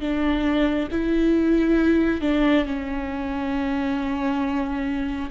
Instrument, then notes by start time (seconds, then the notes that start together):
viola
0.00 D4
0.91 E4
2.21 D4
2.65 C#4